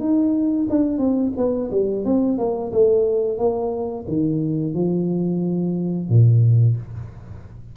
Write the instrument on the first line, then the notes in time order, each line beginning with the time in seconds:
tuba
0.00 D#4
0.70 D4
0.98 C4
1.37 B3
1.71 G3
2.05 C4
2.38 A#3
2.72 A3
3.38 A#3
4.08 D#3
4.74 F3
6.09 A#2